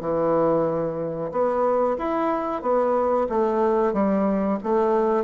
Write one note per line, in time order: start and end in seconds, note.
0.00 1.30 E3
1.31 1.97 B3
1.98 2.62 E4
2.62 3.27 B3
3.29 3.93 A3
3.93 4.58 G3
4.63 5.24 A3